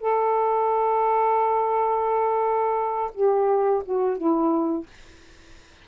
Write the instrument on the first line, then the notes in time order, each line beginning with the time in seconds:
saxophone
0.00 A4
3.14 G4
3.85 F#4
4.17 E4